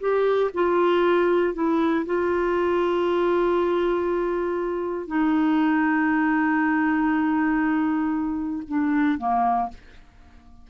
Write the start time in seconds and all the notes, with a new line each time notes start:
0.00 G4
0.54 F4
1.54 E4
2.06 F4
5.07 D#4
8.68 D4
9.18 A#3